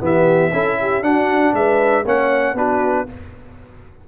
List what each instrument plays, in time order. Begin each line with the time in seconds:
0.00 tuba E3, trombone B3, horn G4, trumpet E5
0.52 tuba C#4, trombone E4, horn A4
0.81 horn G4
1.02 tuba D4, trombone D4, horn F#4, trumpet F#5
1.53 tuba G#3, horn B4, trumpet E5
2.05 tuba A#3, trombone C#4, horn C#5, trumpet F#5
2.53 tuba B3, trombone D4, horn F#4, trumpet B4